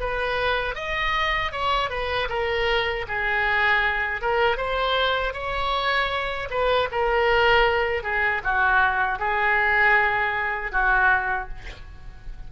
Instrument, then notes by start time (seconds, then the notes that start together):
oboe
0.00 B4
0.75 D#5
1.52 C#5
1.90 B4
2.29 A#4
3.08 G#4
4.21 A#4
4.57 C5
5.34 C#5
6.50 B4
6.92 A#4
8.03 G#4
8.44 F#4
9.19 G#4
10.72 F#4